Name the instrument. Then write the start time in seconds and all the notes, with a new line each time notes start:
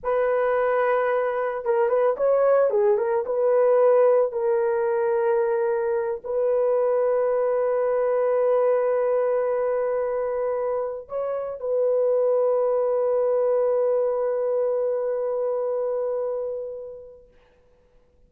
horn
0.03 B4
1.64 A#4
1.88 B4
2.16 C#5
2.70 G#4
2.97 A#4
3.25 B4
4.31 A#4
6.24 B4
11.08 C#5
11.60 B4